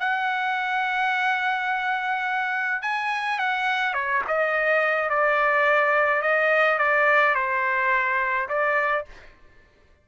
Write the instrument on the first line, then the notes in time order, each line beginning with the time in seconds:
trumpet
0.00 F#5
2.82 G#5
3.39 F#5
3.94 C#5
4.28 D#5
5.10 D5
6.22 D#5
6.79 D5
7.35 C5
8.49 D5